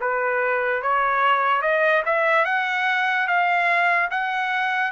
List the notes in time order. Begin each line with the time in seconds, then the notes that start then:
0.00 B4
0.82 C#5
1.61 D#5
2.05 E5
2.45 F#5
3.27 F5
4.10 F#5